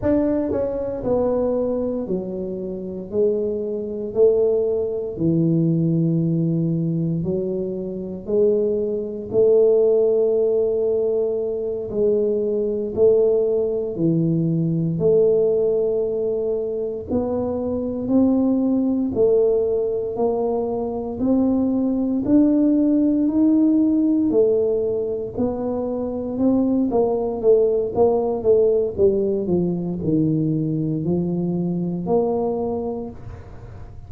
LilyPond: \new Staff \with { instrumentName = "tuba" } { \time 4/4 \tempo 4 = 58 d'8 cis'8 b4 fis4 gis4 | a4 e2 fis4 | gis4 a2~ a8 gis8~ | gis8 a4 e4 a4.~ |
a8 b4 c'4 a4 ais8~ | ais8 c'4 d'4 dis'4 a8~ | a8 b4 c'8 ais8 a8 ais8 a8 | g8 f8 dis4 f4 ais4 | }